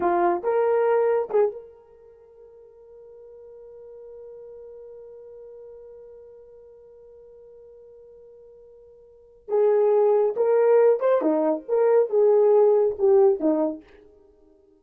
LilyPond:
\new Staff \with { instrumentName = "horn" } { \time 4/4 \tempo 4 = 139 f'4 ais'2 gis'8 ais'8~ | ais'1~ | ais'1~ | ais'1~ |
ais'1~ | ais'2 gis'2 | ais'4. c''8 dis'4 ais'4 | gis'2 g'4 dis'4 | }